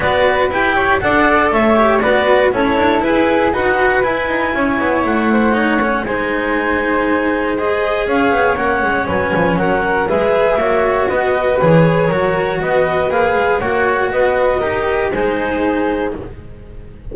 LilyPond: <<
  \new Staff \with { instrumentName = "clarinet" } { \time 4/4 \tempo 4 = 119 d''4 g''4 fis''4 e''4 | d''4 cis''4 b'4 fis''4 | gis''2 fis''2 | gis''2. dis''4 |
f''4 fis''4 gis''4 fis''4 | e''2 dis''4 cis''4~ | cis''4 dis''4 f''4 fis''4 | dis''2 c''2 | }
  \new Staff \with { instrumentName = "flute" } { \time 4/4 b'4. cis''8 d''4 cis''4 | b'4 a'4 gis'4 b'4~ | b'4 cis''4. c''8 cis''4 | c''1 |
cis''2 b'4 ais'4 | b'4 cis''4 b'2 | ais'4 b'2 cis''4 | b'4 ais'4 gis'2 | }
  \new Staff \with { instrumentName = "cello" } { \time 4/4 fis'4 g'4 a'4. g'8 | fis'4 e'2 fis'4 | e'2. dis'8 cis'8 | dis'2. gis'4~ |
gis'4 cis'2. | gis'4 fis'2 gis'4 | fis'2 gis'4 fis'4~ | fis'4 g'4 dis'2 | }
  \new Staff \with { instrumentName = "double bass" } { \time 4/4 b4 e'4 d'4 a4 | b4 cis'8 d'8 e'4 dis'4 | e'8 dis'8 cis'8 b8 a2 | gis1 |
cis'8 b8 ais8 gis8 fis8 f8 fis4 | gis4 ais4 b4 e4 | fis4 b4 ais8 gis8 ais4 | b4 dis'4 gis2 | }
>>